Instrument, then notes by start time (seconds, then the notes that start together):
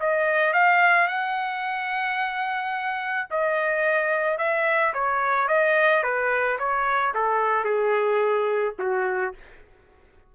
trumpet
0.00 D#5
0.53 F5
1.08 F#5
3.30 D#5
4.38 E5
4.94 C#5
5.48 D#5
6.03 B4
6.59 C#5
7.14 A4
7.65 G#4
8.79 F#4